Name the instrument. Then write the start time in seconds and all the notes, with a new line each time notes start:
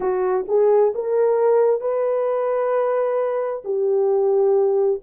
horn
0.00 F#4
0.48 G#4
0.94 A#4
1.80 B4
3.64 G4